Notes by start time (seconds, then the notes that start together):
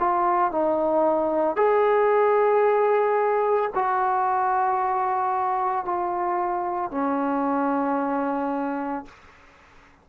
0.00 F4
0.52 D#4
1.56 G#4
3.75 F#4
5.85 F4
6.92 C#4